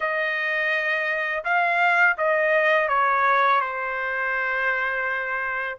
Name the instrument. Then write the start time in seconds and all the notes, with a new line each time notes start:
trumpet
0.00 D#5
1.44 F5
2.17 D#5
2.88 C#5
3.60 C5